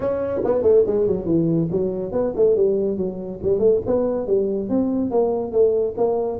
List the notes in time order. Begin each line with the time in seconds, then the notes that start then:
0.00 C#4
0.44 B3
0.62 A3
0.86 G#3
1.07 F#3
1.25 E3
1.71 F#3
2.11 B3
2.35 A3
2.56 G3
2.97 F#3
3.42 G3
3.59 A3
3.86 B3
4.26 G3
4.69 C4
5.10 A#3
5.51 A3
5.97 A#3